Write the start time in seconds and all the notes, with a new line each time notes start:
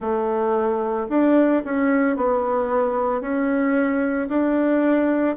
0.00 A3
1.09 D4
1.64 C#4
2.16 B3
3.21 C#4
4.29 D4